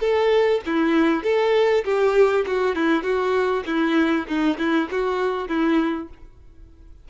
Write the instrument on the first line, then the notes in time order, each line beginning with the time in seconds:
violin
0.00 A4
0.66 E4
1.23 A4
1.84 G4
2.46 F#4
2.75 E4
3.02 F#4
3.66 E4
4.27 D#4
4.58 E4
4.91 F#4
5.48 E4